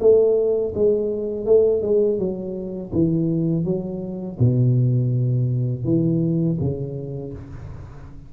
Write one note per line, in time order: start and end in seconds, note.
0.00 0.73 A3
0.75 1.45 G#3
1.45 1.82 A3
1.82 2.18 G#3
2.18 2.91 F#3
2.92 3.64 E3
3.64 4.37 F#3
4.39 5.84 B2
5.84 6.57 E3
6.60 7.33 C#3